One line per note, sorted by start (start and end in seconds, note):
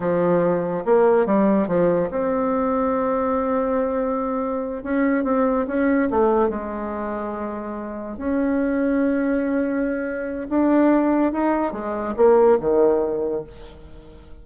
0.00 0.84 F3
0.85 1.25 A#3
1.25 1.67 G3
1.67 2.09 F3
2.10 4.83 C4
4.83 5.24 C#4
5.24 5.65 C4
5.67 6.09 C#4
6.10 6.49 A3
6.49 8.17 G#3
8.17 10.48 C#4
10.49 11.32 D4
11.32 11.72 D#4
11.72 12.14 G#3
12.16 12.58 A#3
12.60 13.43 D#3